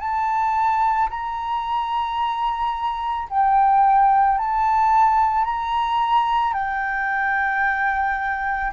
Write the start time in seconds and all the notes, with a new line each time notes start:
0.00 A5
1.10 A#5
3.30 G5
4.38 A5
5.44 A#5
6.54 G5